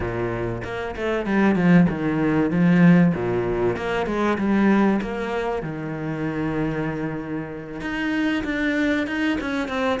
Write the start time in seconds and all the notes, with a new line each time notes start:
0.00 A#2
0.63 A#3
0.95 A3
1.26 G3
1.55 F3
1.89 D#3
2.50 F3
3.14 A#2
3.76 A#3
4.06 G#3
4.38 G3
5.01 A#3
5.62 D#3
7.81 D#4
8.44 D4
9.07 D#4
9.40 C#4
9.68 C4